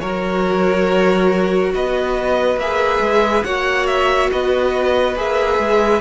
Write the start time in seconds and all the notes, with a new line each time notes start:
0.00 F#3 F#4 A#4 C#5
1.73 B3 B4 D#5
2.56 A#3 G#4 E5
3.00 G#3
3.43 A#3 F#4 C#5 F#5
3.86 E5
4.32 B3 B4 D#5
5.16 A#3 G#4 E5
5.58 G#3